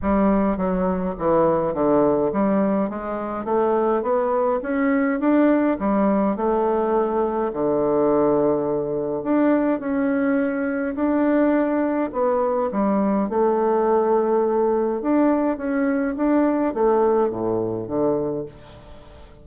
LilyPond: \new Staff \with { instrumentName = "bassoon" } { \time 4/4 \tempo 4 = 104 g4 fis4 e4 d4 | g4 gis4 a4 b4 | cis'4 d'4 g4 a4~ | a4 d2. |
d'4 cis'2 d'4~ | d'4 b4 g4 a4~ | a2 d'4 cis'4 | d'4 a4 a,4 d4 | }